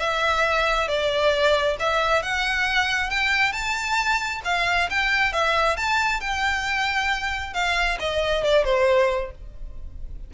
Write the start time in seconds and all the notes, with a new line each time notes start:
0.00 E5
0.88 D5
1.80 E5
2.23 F#5
3.11 G5
3.53 A5
4.45 F5
4.90 G5
5.33 E5
5.77 A5
6.21 G5
7.54 F5
8.00 D#5
8.44 D5
8.65 C5